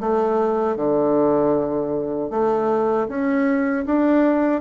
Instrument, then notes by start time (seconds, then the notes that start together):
bassoon
0.00 A3
0.76 D3
2.30 A3
3.08 C#4
3.86 D4